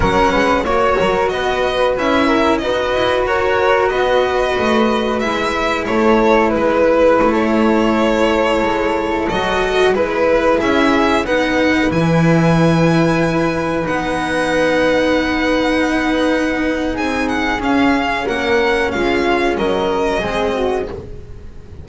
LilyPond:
<<
  \new Staff \with { instrumentName = "violin" } { \time 4/4 \tempo 4 = 92 fis''4 cis''4 dis''4 e''4 | dis''4 cis''4 dis''2 | e''4 cis''4 b'4~ b'16 cis''8.~ | cis''2~ cis''16 dis''4 b'8.~ |
b'16 e''4 fis''4 gis''4.~ gis''16~ | gis''4~ gis''16 fis''2~ fis''8.~ | fis''2 gis''8 fis''8 f''4 | fis''4 f''4 dis''2 | }
  \new Staff \with { instrumentName = "flute" } { \time 4/4 ais'8 b'8 cis''8 ais'8 b'4. ais'8 | b'4 ais'4 b'2~ | b'4 a'4 b'4~ b'16 a'8.~ | a'2.~ a'16 b'8.~ |
b'16 gis'4 b'2~ b'8.~ | b'1~ | b'2 gis'2 | ais'4 f'4 ais'4 gis'8 fis'8 | }
  \new Staff \with { instrumentName = "cello" } { \time 4/4 cis'4 fis'2 e'4 | fis'1 | e'1~ | e'2~ e'16 fis'4 e'8.~ |
e'4~ e'16 dis'4 e'4.~ e'16~ | e'4~ e'16 dis'2~ dis'8.~ | dis'2. cis'4~ | cis'2. c'4 | }
  \new Staff \with { instrumentName = "double bass" } { \time 4/4 fis8 gis8 ais8 fis8 b4 cis'4 | dis'8 e'8 fis'4 b4 a4 | gis4 a4 gis4 a4~ | a4~ a16 gis4 fis4 gis8.~ |
gis16 cis'4 b4 e4.~ e16~ | e4~ e16 b2~ b8.~ | b2 c'4 cis'4 | ais4 gis4 fis4 gis4 | }
>>